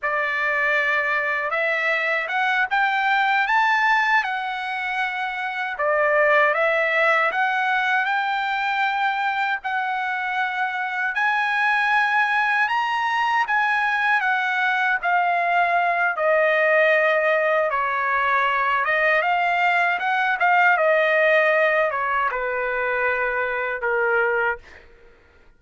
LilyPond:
\new Staff \with { instrumentName = "trumpet" } { \time 4/4 \tempo 4 = 78 d''2 e''4 fis''8 g''8~ | g''8 a''4 fis''2 d''8~ | d''8 e''4 fis''4 g''4.~ | g''8 fis''2 gis''4.~ |
gis''8 ais''4 gis''4 fis''4 f''8~ | f''4 dis''2 cis''4~ | cis''8 dis''8 f''4 fis''8 f''8 dis''4~ | dis''8 cis''8 b'2 ais'4 | }